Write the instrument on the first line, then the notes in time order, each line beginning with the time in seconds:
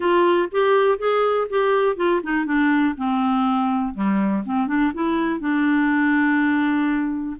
clarinet
0.00 F4
0.51 G4
0.98 G#4
1.49 G4
1.96 F4
2.23 D#4
2.45 D4
2.97 C4
3.93 G3
4.45 C4
4.67 D4
4.94 E4
5.39 D4